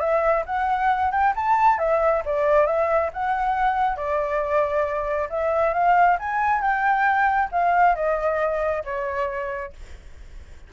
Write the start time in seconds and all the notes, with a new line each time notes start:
0.00 E5
0.46 F#5
1.12 G5
1.36 A5
1.79 E5
2.26 D5
2.67 E5
3.13 F#5
3.97 D5
5.30 E5
5.74 F5
6.19 G#5
6.61 G5
7.52 F5
7.95 D#5
8.85 C#5